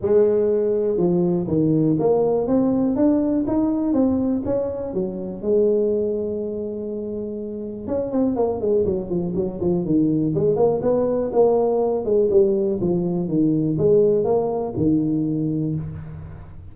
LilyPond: \new Staff \with { instrumentName = "tuba" } { \time 4/4 \tempo 4 = 122 gis2 f4 dis4 | ais4 c'4 d'4 dis'4 | c'4 cis'4 fis4 gis4~ | gis1 |
cis'8 c'8 ais8 gis8 fis8 f8 fis8 f8 | dis4 gis8 ais8 b4 ais4~ | ais8 gis8 g4 f4 dis4 | gis4 ais4 dis2 | }